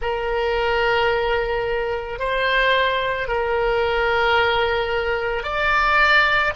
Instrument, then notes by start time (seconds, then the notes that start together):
oboe
0.01 A#4
2.19 C5
3.28 A#4
5.42 D5